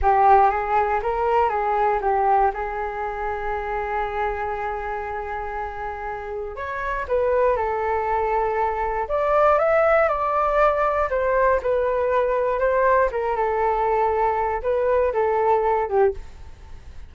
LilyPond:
\new Staff \with { instrumentName = "flute" } { \time 4/4 \tempo 4 = 119 g'4 gis'4 ais'4 gis'4 | g'4 gis'2.~ | gis'1~ | gis'4 cis''4 b'4 a'4~ |
a'2 d''4 e''4 | d''2 c''4 b'4~ | b'4 c''4 ais'8 a'4.~ | a'4 b'4 a'4. g'8 | }